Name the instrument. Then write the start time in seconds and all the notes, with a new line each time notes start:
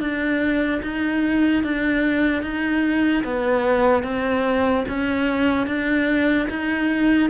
cello
0.00 D4
0.82 D#4
1.63 D4
2.42 D#4
3.24 B3
4.03 C4
4.88 C#4
5.66 D4
6.49 D#4